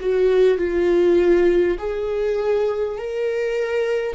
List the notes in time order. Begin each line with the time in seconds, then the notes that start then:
0.00 F#4
0.58 F4
1.78 G#4
2.98 A#4